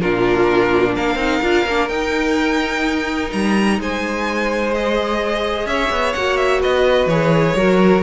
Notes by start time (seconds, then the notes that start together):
0.00 A#2 D4 F4 A#4
0.94 A#3 A#4 F5
1.15 C4 D#4
1.42 D4 F4
1.65 A#3 D4
1.88 D#4 G5
3.32 G3 A#5
3.79 G#3 C5 G#5
4.73 G#4 D#5
5.66 C#4 C#5 E5
5.90 B3
6.13 A#3 F#4 F#5
6.36 E5
6.61 B3 B4 D#5
7.06 E3 G#4 C#5
7.55 F#3 F#4 A#4